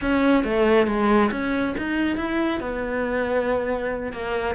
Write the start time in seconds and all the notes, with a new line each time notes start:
0.01 C#4
0.43 A3
0.86 G#3
1.31 C#4
1.77 D#4
2.16 E4
2.60 B3
4.12 A#3